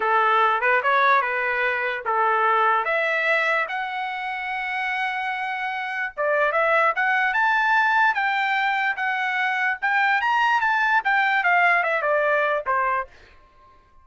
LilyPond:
\new Staff \with { instrumentName = "trumpet" } { \time 4/4 \tempo 4 = 147 a'4. b'8 cis''4 b'4~ | b'4 a'2 e''4~ | e''4 fis''2.~ | fis''2. d''4 |
e''4 fis''4 a''2 | g''2 fis''2 | g''4 ais''4 a''4 g''4 | f''4 e''8 d''4. c''4 | }